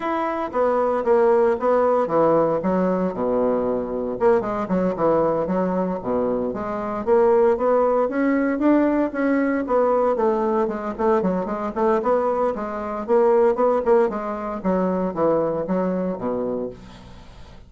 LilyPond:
\new Staff \with { instrumentName = "bassoon" } { \time 4/4 \tempo 4 = 115 e'4 b4 ais4 b4 | e4 fis4 b,2 | ais8 gis8 fis8 e4 fis4 b,8~ | b,8 gis4 ais4 b4 cis'8~ |
cis'8 d'4 cis'4 b4 a8~ | a8 gis8 a8 fis8 gis8 a8 b4 | gis4 ais4 b8 ais8 gis4 | fis4 e4 fis4 b,4 | }